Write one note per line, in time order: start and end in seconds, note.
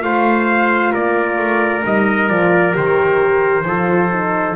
0.00 0.92 A3
0.00 1.82 F4
0.00 0.92 C5
0.00 0.93 F5
0.92 1.37 A#3
0.92 3.65 A#4
0.92 1.84 D5
1.37 1.83 A3
1.84 2.29 G3
1.84 2.29 D#4
1.84 2.29 D#5
2.29 2.75 F3
2.29 2.72 F4
2.29 2.74 D5
2.72 3.64 D#3
2.72 3.62 G4
2.72 4.56 C5
3.64 4.55 F3
3.64 4.11 F4
3.64 4.56 A4
4.11 4.56 D#4